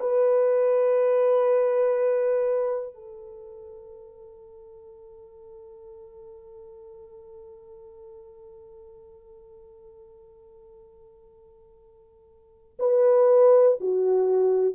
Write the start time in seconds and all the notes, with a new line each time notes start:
0.00 B4
2.95 A4
12.79 B4
13.81 F#4